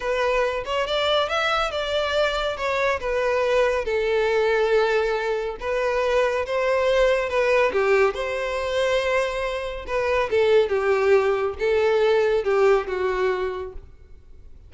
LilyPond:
\new Staff \with { instrumentName = "violin" } { \time 4/4 \tempo 4 = 140 b'4. cis''8 d''4 e''4 | d''2 cis''4 b'4~ | b'4 a'2.~ | a'4 b'2 c''4~ |
c''4 b'4 g'4 c''4~ | c''2. b'4 | a'4 g'2 a'4~ | a'4 g'4 fis'2 | }